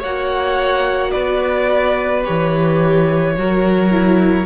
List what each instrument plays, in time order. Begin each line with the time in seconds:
0.00 cello A#3, viola F#4, violin C#5 F#5
1.12 cello B3, violin B4 D5
2.24 cello E3, viola G4, violin C#5
3.37 cello F#3, viola F#4, violin A#4
3.91 viola E4